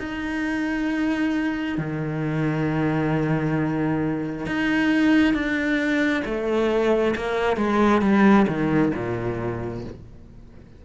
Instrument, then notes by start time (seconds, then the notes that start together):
cello
0.00 D#4
1.78 D#3
4.47 D#4
5.34 D4
6.25 A3
7.16 A#3
7.57 G#3
8.02 G3
8.48 D#3
8.95 A#2